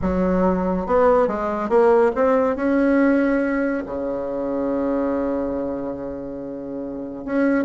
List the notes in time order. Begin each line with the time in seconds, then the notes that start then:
0.01 F#3
0.86 B3
1.27 G#3
1.69 A#3
2.15 C4
2.56 C#4
3.85 C#3
7.25 C#4